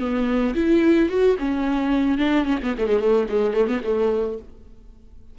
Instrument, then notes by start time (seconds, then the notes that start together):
viola
0.00 B3
0.55 E4
1.09 F#4
1.39 C#4
2.18 D4
2.46 C#4
2.63 B3
2.78 A3
2.88 G#3
3.00 A3
3.29 G#3
3.54 A3
3.68 B3
3.84 A3